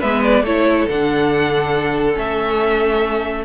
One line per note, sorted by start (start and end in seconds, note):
0.00 0.43 G#3
0.00 0.45 B3
0.00 0.43 B4
0.00 0.23 E5
0.24 0.45 D5
0.43 0.86 A3
0.43 0.90 E4
0.43 3.45 A4
0.43 0.89 C#5
0.89 2.17 D3
0.89 2.14 D4
0.89 2.18 F#5
2.14 3.45 A3
2.14 3.44 C#4
2.14 3.45 E5